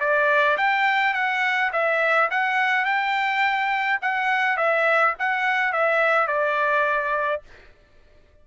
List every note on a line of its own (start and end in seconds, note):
0.00 0.57 D5
0.58 1.14 G5
1.14 1.71 F#5
1.73 2.30 E5
2.31 2.85 F#5
2.85 3.99 G5
4.02 4.57 F#5
4.57 5.15 E5
5.19 5.73 F#5
5.73 6.28 E5
6.28 7.42 D5